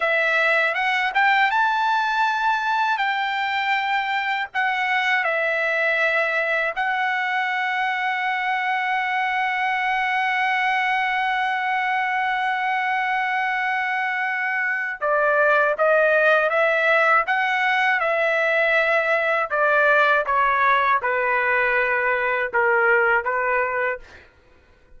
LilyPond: \new Staff \with { instrumentName = "trumpet" } { \time 4/4 \tempo 4 = 80 e''4 fis''8 g''8 a''2 | g''2 fis''4 e''4~ | e''4 fis''2.~ | fis''1~ |
fis''1 | d''4 dis''4 e''4 fis''4 | e''2 d''4 cis''4 | b'2 ais'4 b'4 | }